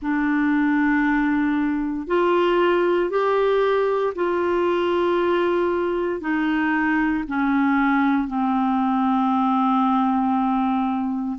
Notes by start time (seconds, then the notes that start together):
0.01 D4
2.07 F4
3.10 G4
4.15 F4
6.20 D#4
7.27 C#4
8.27 C4